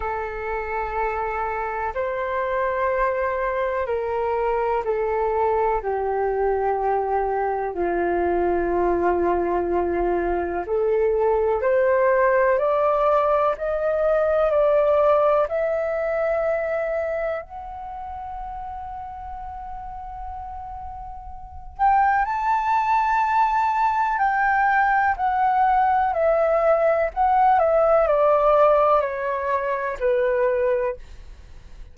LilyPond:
\new Staff \with { instrumentName = "flute" } { \time 4/4 \tempo 4 = 62 a'2 c''2 | ais'4 a'4 g'2 | f'2. a'4 | c''4 d''4 dis''4 d''4 |
e''2 fis''2~ | fis''2~ fis''8 g''8 a''4~ | a''4 g''4 fis''4 e''4 | fis''8 e''8 d''4 cis''4 b'4 | }